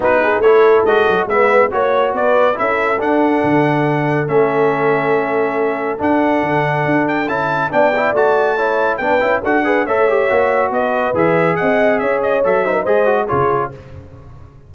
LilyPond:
<<
  \new Staff \with { instrumentName = "trumpet" } { \time 4/4 \tempo 4 = 140 b'4 cis''4 dis''4 e''4 | cis''4 d''4 e''4 fis''4~ | fis''2 e''2~ | e''2 fis''2~ |
fis''8 g''8 a''4 g''4 a''4~ | a''4 g''4 fis''4 e''4~ | e''4 dis''4 e''4 fis''4 | e''8 dis''8 e''4 dis''4 cis''4 | }
  \new Staff \with { instrumentName = "horn" } { \time 4/4 fis'8 gis'8 a'2 b'4 | cis''4 b'4 a'2~ | a'1~ | a'1~ |
a'2 d''2 | cis''4 b'4 a'8 b'8 cis''4~ | cis''4 b'2 dis''4 | cis''4. c''16 ais'16 c''4 gis'4 | }
  \new Staff \with { instrumentName = "trombone" } { \time 4/4 dis'4 e'4 fis'4 b4 | fis'2 e'4 d'4~ | d'2 cis'2~ | cis'2 d'2~ |
d'4 e'4 d'8 e'8 fis'4 | e'4 d'8 e'8 fis'8 gis'8 a'8 g'8 | fis'2 gis'2~ | gis'4 a'8 dis'8 gis'8 fis'8 f'4 | }
  \new Staff \with { instrumentName = "tuba" } { \time 4/4 b4 a4 gis8 fis8 gis4 | ais4 b4 cis'4 d'4 | d2 a2~ | a2 d'4 d4 |
d'4 cis'4 b4 a4~ | a4 b8 cis'8 d'4 a4 | ais4 b4 e4 c'4 | cis'4 fis4 gis4 cis4 | }
>>